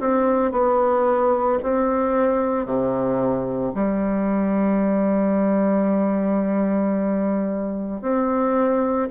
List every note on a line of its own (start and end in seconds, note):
0.00 0.52 C4
0.52 1.59 B3
1.63 2.66 C4
2.66 3.73 C3
3.75 8.02 G3
8.02 9.09 C4